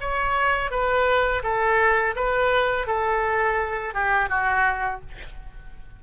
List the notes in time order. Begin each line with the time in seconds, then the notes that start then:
0.00 C#5
0.71 B4
1.43 A4
2.15 B4
2.87 A4
3.94 G4
4.29 F#4